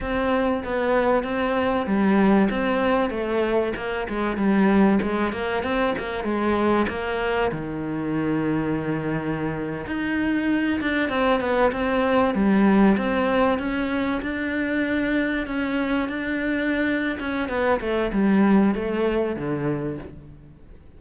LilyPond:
\new Staff \with { instrumentName = "cello" } { \time 4/4 \tempo 4 = 96 c'4 b4 c'4 g4 | c'4 a4 ais8 gis8 g4 | gis8 ais8 c'8 ais8 gis4 ais4 | dis2.~ dis8. dis'16~ |
dis'4~ dis'16 d'8 c'8 b8 c'4 g16~ | g8. c'4 cis'4 d'4~ d'16~ | d'8. cis'4 d'4.~ d'16 cis'8 | b8 a8 g4 a4 d4 | }